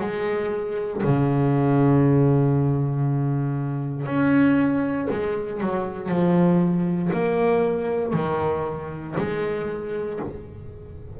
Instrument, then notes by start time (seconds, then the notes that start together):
double bass
0.00 G#3
1.03 C#3
4.06 C#4
5.10 G#3
5.60 F#3
6.09 F3
7.12 A#3
8.13 D#3
9.18 G#3